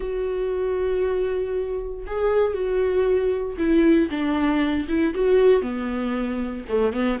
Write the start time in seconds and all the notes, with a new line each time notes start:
0.00 F#4
2.07 G#4
2.54 F#4
3.58 E4
4.10 D4
4.88 E4
5.14 F#4
5.62 B3
6.69 A3
6.93 B3